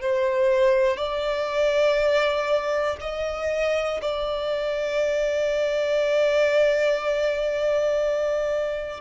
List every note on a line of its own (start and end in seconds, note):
0.00 0.96 C5
0.96 2.96 D5
3.00 4.00 D#5
4.01 9.00 D5